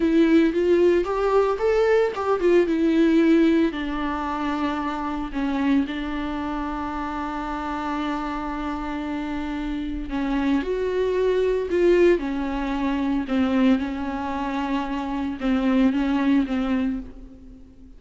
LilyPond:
\new Staff \with { instrumentName = "viola" } { \time 4/4 \tempo 4 = 113 e'4 f'4 g'4 a'4 | g'8 f'8 e'2 d'4~ | d'2 cis'4 d'4~ | d'1~ |
d'2. cis'4 | fis'2 f'4 cis'4~ | cis'4 c'4 cis'2~ | cis'4 c'4 cis'4 c'4 | }